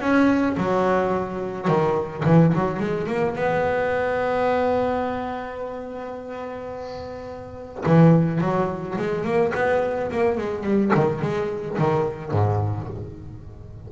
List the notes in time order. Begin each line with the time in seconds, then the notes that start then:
0.00 C#4
0.57 F#3
1.67 D#3
2.25 E3
2.54 F#3
2.79 G#3
3.07 A#3
3.35 B3
7.86 E3
8.41 F#3
8.98 G#3
9.24 A#3
9.54 B3
10.11 A#3
10.37 G#3
10.63 G3
10.95 D#3
11.21 G#3
11.78 D#3
12.31 G#2